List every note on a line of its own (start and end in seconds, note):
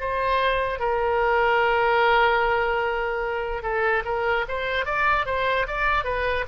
0.00 0.79 C5
0.79 3.62 A#4
3.62 4.03 A4
4.04 4.45 A#4
4.48 4.85 C5
4.85 5.26 D5
5.26 5.66 C5
5.67 6.04 D5
6.04 6.45 B4